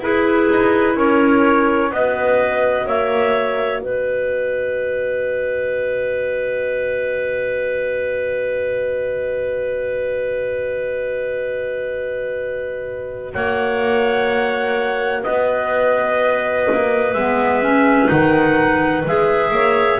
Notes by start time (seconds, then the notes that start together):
0.00 E4 G#4 B4
0.49 D#4
0.95 C#4 A#4 C#5
1.90 B3 F#4 B4 D#5
2.86 A#3 C#5 E5
3.81 B3 B4 D#5
13.34 A#3 C#5 F#5
15.22 B3 B4 D#5
16.72 A#3
17.13 G#3 B3 E5
17.62 C#4
18.07 D#3 D#4 F#5
19.05 G#3 G#4 E5
19.50 A#3 C#5